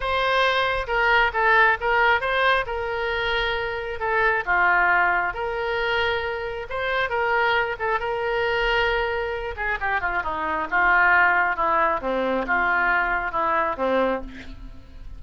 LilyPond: \new Staff \with { instrumentName = "oboe" } { \time 4/4 \tempo 4 = 135 c''2 ais'4 a'4 | ais'4 c''4 ais'2~ | ais'4 a'4 f'2 | ais'2. c''4 |
ais'4. a'8 ais'2~ | ais'4. gis'8 g'8 f'8 dis'4 | f'2 e'4 c'4 | f'2 e'4 c'4 | }